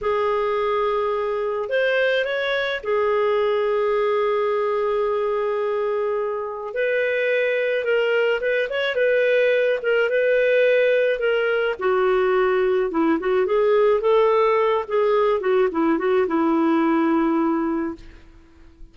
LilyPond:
\new Staff \with { instrumentName = "clarinet" } { \time 4/4 \tempo 4 = 107 gis'2. c''4 | cis''4 gis'2.~ | gis'1 | b'2 ais'4 b'8 cis''8 |
b'4. ais'8 b'2 | ais'4 fis'2 e'8 fis'8 | gis'4 a'4. gis'4 fis'8 | e'8 fis'8 e'2. | }